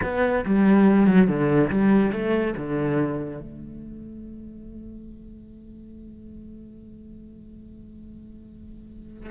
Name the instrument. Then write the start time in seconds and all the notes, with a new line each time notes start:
cello
0.02 B3
0.45 G3
1.06 F#3
1.27 D3
1.70 G3
2.12 A3
2.57 D3
3.39 A3